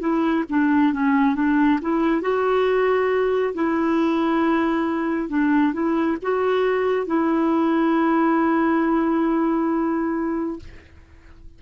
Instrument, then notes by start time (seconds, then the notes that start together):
clarinet
0.00 E4
0.50 D4
0.93 C#4
1.36 D4
1.82 E4
2.22 F#4
3.55 E4
5.29 D4
5.74 E4
6.22 F#4
7.07 E4